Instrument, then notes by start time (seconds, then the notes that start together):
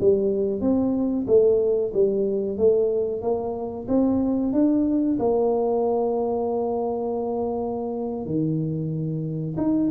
tuba
0.00 G3
0.61 C4
1.27 A3
1.93 G3
2.57 A3
3.21 A#3
3.88 C4
4.53 D4
5.19 A#3
8.25 D#3
9.57 D#4